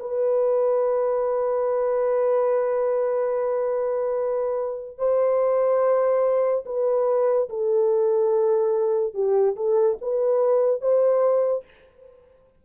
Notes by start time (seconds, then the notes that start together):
0.00 B4
4.98 C5
6.66 B4
7.49 A4
9.14 G4
9.56 A4
10.02 B4
10.81 C5